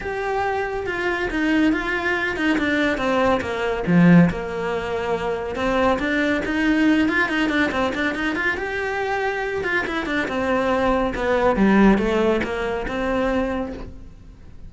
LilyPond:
\new Staff \with { instrumentName = "cello" } { \time 4/4 \tempo 4 = 140 g'2 f'4 dis'4 | f'4. dis'8 d'4 c'4 | ais4 f4 ais2~ | ais4 c'4 d'4 dis'4~ |
dis'8 f'8 dis'8 d'8 c'8 d'8 dis'8 f'8 | g'2~ g'8 f'8 e'8 d'8 | c'2 b4 g4 | a4 ais4 c'2 | }